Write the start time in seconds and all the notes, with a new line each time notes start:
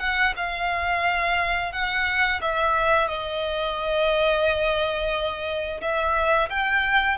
0.00 F#5
0.37 F5
1.73 F#5
2.42 E5
3.09 D#5
5.81 E5
6.50 G5